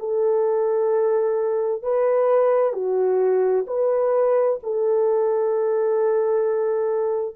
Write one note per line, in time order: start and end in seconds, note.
0.00 1.83 A4
1.83 2.73 B4
2.73 3.65 F#4
3.68 4.60 B4
4.64 7.36 A4